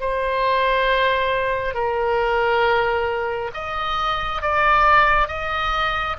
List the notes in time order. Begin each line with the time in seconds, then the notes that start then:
0.00 C5
1.74 A#4
3.54 D#5
4.42 D5
5.28 D#5